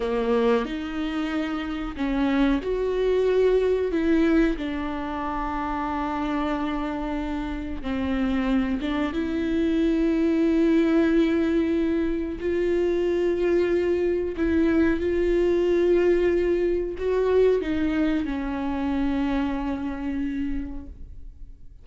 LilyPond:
\new Staff \with { instrumentName = "viola" } { \time 4/4 \tempo 4 = 92 ais4 dis'2 cis'4 | fis'2 e'4 d'4~ | d'1 | c'4. d'8 e'2~ |
e'2. f'4~ | f'2 e'4 f'4~ | f'2 fis'4 dis'4 | cis'1 | }